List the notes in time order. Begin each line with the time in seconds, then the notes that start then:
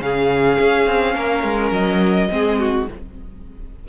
0.00 C#3 C#4 G#4 F5
0.59 C#4
0.86 C4
1.15 A#3 A#4
1.43 G#3
1.71 F#3 D#5
2.29 G#3 C4 G#4
2.59 F#4